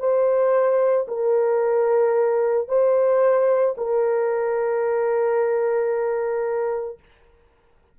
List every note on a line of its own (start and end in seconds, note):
0.00 1.07 C5
1.08 2.69 A#4
2.69 3.76 C5
3.78 6.99 A#4